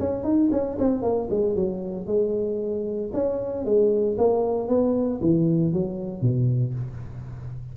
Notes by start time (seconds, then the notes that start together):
0.00 C#4
0.24 D#4
0.52 C#4
0.79 C4
1.02 A#3
1.30 G#3
1.56 F#3
2.07 G#3
3.14 C#4
3.65 G#3
4.18 A#3
4.68 B3
5.21 E3
5.73 F#3
6.22 B2